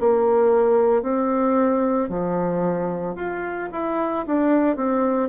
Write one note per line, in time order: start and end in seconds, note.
0.00 1.02 A#3
1.02 2.09 C4
2.09 3.16 F3
3.16 3.69 F4
3.72 4.26 E4
4.27 4.76 D4
4.76 5.29 C4